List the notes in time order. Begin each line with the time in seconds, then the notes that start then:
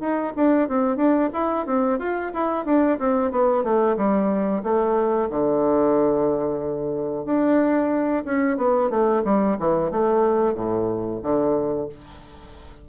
0.00 D#4
0.36 D4
0.68 C4
0.97 D4
1.33 E4
1.66 C4
1.99 F4
2.34 E4
2.65 D4
2.99 C4
3.31 B3
3.64 A3
3.97 G3
4.63 A3
5.30 D3
7.25 D4
8.25 C#4
8.57 B3
8.90 A3
9.24 G3
9.59 E3
9.91 A3
10.55 A2
11.23 D3